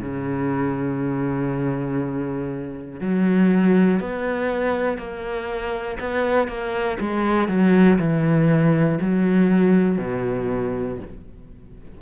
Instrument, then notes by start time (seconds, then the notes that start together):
cello
0.00 C#3
3.00 F#3
4.00 B3
4.97 A#3
6.00 B3
6.48 A#3
7.00 G#3
7.48 F#3
7.99 E3
9.00 F#3
9.98 B2